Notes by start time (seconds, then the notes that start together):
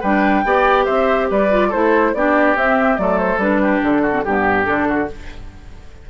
0.00 G3 D4 B4 G5
0.44 B3 G4 D5
0.85 C4 C5 E5
1.30 G3 B4 D5
1.50 F4
1.68 A3 E4 A4 C5
2.14 B3 D4 G4 D5
2.55 C4 E5
2.97 F#3 A3 A4 D5
3.18 C5
3.37 G3 D4 B4
3.62 G4
3.83 D3 A4
4.02 F#4
4.11 C4
4.24 G2 B3 G4
4.64 D3 D4 A4
4.88 F#4